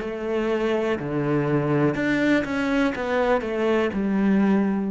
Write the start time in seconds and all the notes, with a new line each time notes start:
0.00 A3
0.99 D3
1.94 D4
2.44 C#4
2.95 B3
3.41 A3
3.93 G3